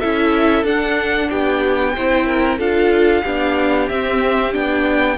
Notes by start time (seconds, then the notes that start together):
0.00 C#4 E4 A4 E5
0.64 D4 F#5
1.30 B3 G4 G5
1.95 C4 E4 C5
2.27 A#4
2.59 D4 F4 A4 F5
3.24 B3 D4 G4
3.89 C4 E5
4.53 B3 D4 G5